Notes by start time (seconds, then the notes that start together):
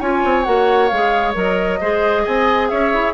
0.00 C#4 F4 C#5 G#5
0.24 C4
0.44 A#3 F#4 F#5
0.88 G#3 G#4 F5
1.34 F#3 A#4 D#5
1.81 G#3 G#4 C5
2.23 C4 D#5 G#5
2.68 C#4 C#5 E5
2.93 E4